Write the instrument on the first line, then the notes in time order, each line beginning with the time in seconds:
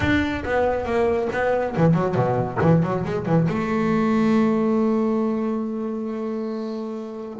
double bass
0.00 D4
0.44 B3
0.85 A#3
1.32 B3
1.76 E3
1.94 F#3
2.14 B2
2.61 E3
2.82 F#3
3.05 G#3
3.25 E3
3.48 A3